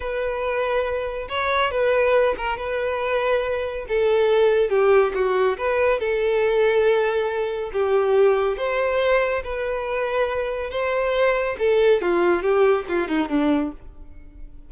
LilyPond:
\new Staff \with { instrumentName = "violin" } { \time 4/4 \tempo 4 = 140 b'2. cis''4 | b'4. ais'8 b'2~ | b'4 a'2 g'4 | fis'4 b'4 a'2~ |
a'2 g'2 | c''2 b'2~ | b'4 c''2 a'4 | f'4 g'4 f'8 dis'8 d'4 | }